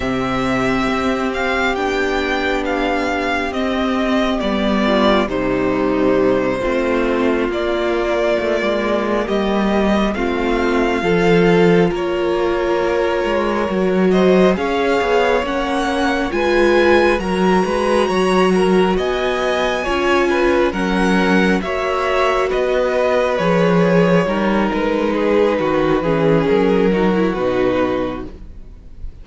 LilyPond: <<
  \new Staff \with { instrumentName = "violin" } { \time 4/4 \tempo 4 = 68 e''4. f''8 g''4 f''4 | dis''4 d''4 c''2~ | c''8 d''2 dis''4 f''8~ | f''4. cis''2~ cis''8 |
dis''8 f''4 fis''4 gis''4 ais''8~ | ais''4. gis''2 fis''8~ | fis''8 e''4 dis''4 cis''4. | b'2 ais'4 b'4 | }
  \new Staff \with { instrumentName = "violin" } { \time 4/4 g'1~ | g'4. f'8 dis'4. f'8~ | f'2~ f'8 g'4 f'8~ | f'8 a'4 ais'2~ ais'8 |
c''8 cis''2 b'4 ais'8 | b'8 cis''8 ais'8 dis''4 cis''8 b'8 ais'8~ | ais'8 cis''4 b'2 ais'8~ | ais'8 gis'8 fis'8 gis'4 fis'4. | }
  \new Staff \with { instrumentName = "viola" } { \time 4/4 c'2 d'2 | c'4 b4 g4. c'8~ | c'8 ais2. c'8~ | c'8 f'2. fis'8~ |
fis'8 gis'4 cis'4 f'4 fis'8~ | fis'2~ fis'8 f'4 cis'8~ | cis'8 fis'2 gis'4 dis'8~ | dis'4. cis'4 dis'16 e'16 dis'4 | }
  \new Staff \with { instrumentName = "cello" } { \time 4/4 c4 c'4 b2 | c'4 g4 c4. a8~ | a8 ais4 a16 gis8. g4 a8~ | a8 f4 ais4. gis8 fis8~ |
fis8 cis'8 b8 ais4 gis4 fis8 | gis8 fis4 b4 cis'4 fis8~ | fis8 ais4 b4 f4 g8 | gis4 dis8 e8 fis4 b,4 | }
>>